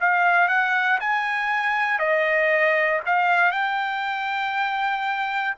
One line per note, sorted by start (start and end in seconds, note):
0.00 0.48 F5
0.48 0.98 F#5
1.00 1.99 G#5
1.99 3.00 D#5
3.06 3.51 F5
3.51 5.54 G5